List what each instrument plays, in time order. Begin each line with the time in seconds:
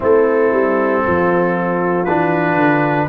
0.00 tuba A3, trombone C4, horn E4, trumpet A4
0.52 tuba G3
1.04 tuba F3, horn F4
2.05 tuba E3, trombone D4, trumpet B4
2.55 tuba D3